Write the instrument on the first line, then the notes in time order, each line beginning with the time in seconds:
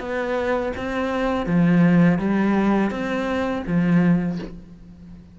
cello
0.00 B3
0.77 C4
1.46 F3
2.19 G3
2.90 C4
3.66 F3